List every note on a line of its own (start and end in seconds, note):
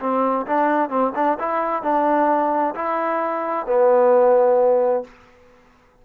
0.00 0.46 C4
0.46 0.89 D4
0.89 1.12 C4
1.15 1.38 D4
1.39 1.83 E4
1.83 2.74 D4
2.75 3.66 E4
3.66 5.04 B3